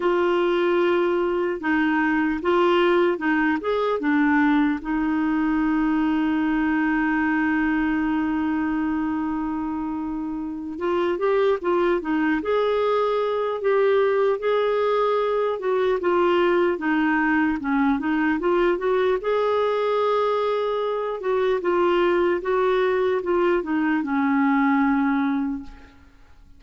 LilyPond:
\new Staff \with { instrumentName = "clarinet" } { \time 4/4 \tempo 4 = 75 f'2 dis'4 f'4 | dis'8 gis'8 d'4 dis'2~ | dis'1~ | dis'4. f'8 g'8 f'8 dis'8 gis'8~ |
gis'4 g'4 gis'4. fis'8 | f'4 dis'4 cis'8 dis'8 f'8 fis'8 | gis'2~ gis'8 fis'8 f'4 | fis'4 f'8 dis'8 cis'2 | }